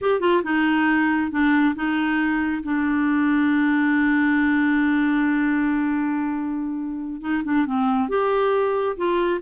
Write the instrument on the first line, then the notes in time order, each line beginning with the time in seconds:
clarinet
0.01 G4
0.20 F4
0.43 D#4
1.31 D4
1.75 D#4
2.63 D4
7.21 D#4
7.44 D4
7.65 C4
8.09 G4
8.96 F4